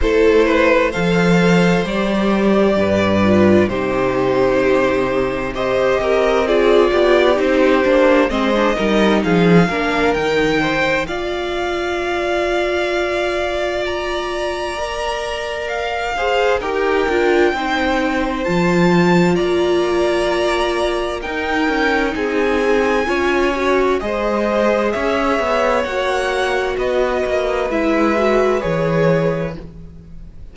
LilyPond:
<<
  \new Staff \with { instrumentName = "violin" } { \time 4/4 \tempo 4 = 65 c''4 f''4 d''2 | c''2 dis''4 d''4 | c''4 dis''4 f''4 g''4 | f''2. ais''4~ |
ais''4 f''4 g''2 | a''4 ais''2 g''4 | gis''2 dis''4 e''4 | fis''4 dis''4 e''4 cis''4 | }
  \new Staff \with { instrumentName = "violin" } { \time 4/4 a'8 b'8 c''2 b'4 | g'2 c''8 ais'8 gis'8 g'8~ | g'4 c''8 ais'8 gis'8 ais'4 c''8 | d''1~ |
d''4. c''8 ais'4 c''4~ | c''4 d''2 ais'4 | gis'4 cis''4 c''4 cis''4~ | cis''4 b'2. | }
  \new Staff \with { instrumentName = "viola" } { \time 4/4 e'4 a'4 g'4. f'8 | dis'2 g'4 f'4 | dis'8 d'8 c'16 d'16 dis'4 d'8 dis'4 | f'1 |
ais'4. gis'8 g'8 f'8 dis'4 | f'2. dis'4~ | dis'4 f'8 fis'8 gis'2 | fis'2 e'8 fis'8 gis'4 | }
  \new Staff \with { instrumentName = "cello" } { \time 4/4 a4 f4 g4 g,4 | c2~ c8 c'4 b8 | c'8 ais8 gis8 g8 f8 ais8 dis4 | ais1~ |
ais2 dis'8 d'8 c'4 | f4 ais2 dis'8 cis'8 | c'4 cis'4 gis4 cis'8 b8 | ais4 b8 ais8 gis4 e4 | }
>>